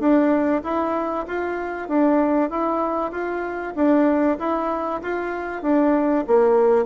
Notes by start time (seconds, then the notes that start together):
0.00 D4
0.64 E4
1.28 F4
1.89 D4
2.50 E4
3.12 F4
3.76 D4
4.39 E4
5.03 F4
5.63 D4
6.28 A#3